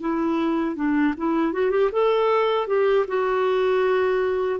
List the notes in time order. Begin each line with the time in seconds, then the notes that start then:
0.00 E4
0.75 D4
1.17 E4
1.52 F#4
1.70 G4
1.92 A4
2.67 G4
3.07 F#4